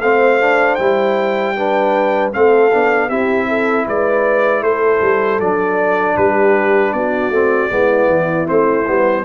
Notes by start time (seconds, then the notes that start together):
0.00 A3 C4 C5 F5
0.40 D4
0.75 G3 E4 G5
1.56 D4 B4
2.32 A3 C4 A4 F5
2.72 B3 D4
3.08 C4 E4 G4 E5
3.48 A4
3.87 G#3 B4 D5
4.62 A3 A4 C5
5.01 G3
5.40 F#3 D4 D5
6.17 G3 G4 B4
6.93 B3 F#4 D5
7.30 A3 C4
7.69 G#3 B3 E4
8.08 E3
8.46 A3 C4 C5
8.86 G3 B3